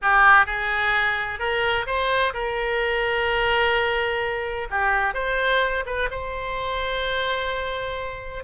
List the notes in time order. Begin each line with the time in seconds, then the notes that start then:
0.01 G4
0.45 G#4
1.39 A#4
1.86 C5
2.33 A#4
4.70 G4
5.14 C5
5.86 B4
6.11 C5